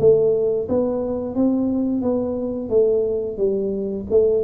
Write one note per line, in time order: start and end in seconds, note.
0.00 0.68 A3
0.69 1.35 B3
1.35 2.02 C4
2.02 2.70 B3
2.70 3.38 A3
3.38 4.06 G3
4.10 4.44 A3